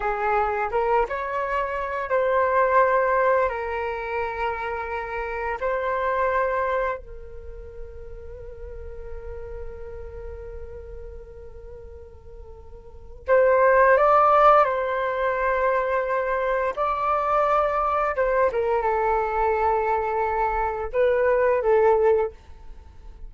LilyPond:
\new Staff \with { instrumentName = "flute" } { \time 4/4 \tempo 4 = 86 gis'4 ais'8 cis''4. c''4~ | c''4 ais'2. | c''2 ais'2~ | ais'1~ |
ais'2. c''4 | d''4 c''2. | d''2 c''8 ais'8 a'4~ | a'2 b'4 a'4 | }